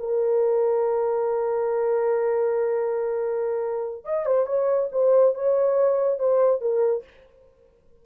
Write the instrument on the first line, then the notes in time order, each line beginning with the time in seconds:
horn
0.00 A#4
4.05 D#5
4.26 C5
4.46 C#5
4.92 C5
5.35 C#5
6.19 C5
6.61 A#4